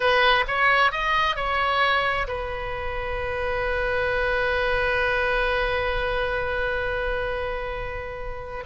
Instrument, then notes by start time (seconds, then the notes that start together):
oboe
0.00 B4
0.47 C#5
0.91 D#5
1.36 C#5
2.27 B4